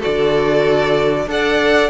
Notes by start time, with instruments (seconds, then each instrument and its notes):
0.00 viola F#4, violin A4 D5
0.07 cello D3
1.27 cello D4, viola A4, violin D5 F#5